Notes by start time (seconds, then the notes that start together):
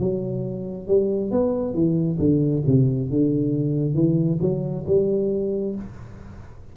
0.00 F#3
0.88 G3
1.32 B3
1.74 E3
2.19 D3
2.67 C3
3.10 D3
3.95 E3
4.42 F#3
4.87 G3